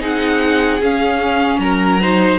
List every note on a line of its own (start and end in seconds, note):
0.00 0.81 C4
0.00 0.79 D#4
0.00 1.58 G#4
0.00 0.82 F#5
0.81 1.58 C#4
0.81 2.01 C#4
0.81 1.60 F5
1.58 2.37 F#3
1.58 2.01 A#4
1.58 2.39 A#5
2.01 2.39 D#4
2.01 2.39 C5